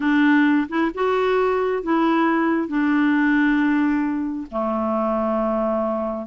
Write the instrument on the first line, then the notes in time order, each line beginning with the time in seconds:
clarinet
0.00 D4
0.68 E4
0.94 F#4
1.82 E4
2.67 D4
4.51 A3